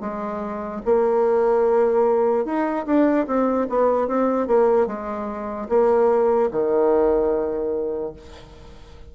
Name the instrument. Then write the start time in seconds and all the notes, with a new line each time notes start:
bassoon
0.00 G#3
0.85 A#3
2.45 D#4
2.86 D4
3.26 C4
3.69 B3
4.07 C4
4.47 A#3
4.86 G#3
5.69 A#3
6.51 D#3